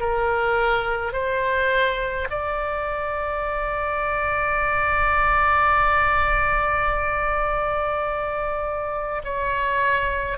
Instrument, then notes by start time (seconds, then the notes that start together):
oboe
0.00 A#4
1.13 C5
2.30 D5
9.24 C#5